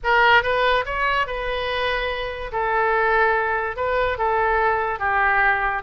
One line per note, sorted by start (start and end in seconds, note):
0.03 0.43 A#4
0.43 0.84 B4
0.85 1.26 C#5
1.26 2.51 B4
2.52 3.76 A4
3.76 4.17 B4
4.17 4.99 A4
4.99 5.82 G4